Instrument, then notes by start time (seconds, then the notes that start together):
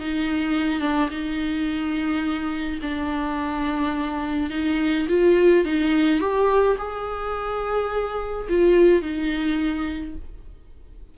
viola
0.00 D#4
0.81 D4
1.10 D#4
2.82 D4
4.51 D#4
5.09 F4
5.65 D#4
6.20 G4
6.78 G#4
8.49 F4
9.02 D#4